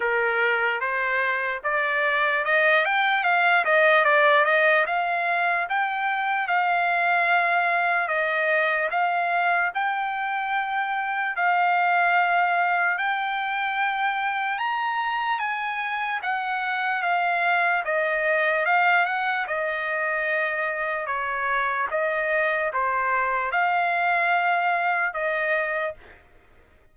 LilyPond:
\new Staff \with { instrumentName = "trumpet" } { \time 4/4 \tempo 4 = 74 ais'4 c''4 d''4 dis''8 g''8 | f''8 dis''8 d''8 dis''8 f''4 g''4 | f''2 dis''4 f''4 | g''2 f''2 |
g''2 ais''4 gis''4 | fis''4 f''4 dis''4 f''8 fis''8 | dis''2 cis''4 dis''4 | c''4 f''2 dis''4 | }